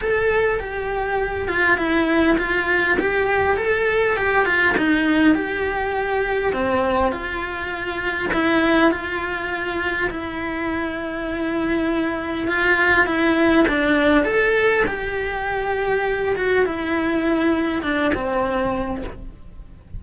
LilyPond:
\new Staff \with { instrumentName = "cello" } { \time 4/4 \tempo 4 = 101 a'4 g'4. f'8 e'4 | f'4 g'4 a'4 g'8 f'8 | dis'4 g'2 c'4 | f'2 e'4 f'4~ |
f'4 e'2.~ | e'4 f'4 e'4 d'4 | a'4 g'2~ g'8 fis'8 | e'2 d'8 c'4. | }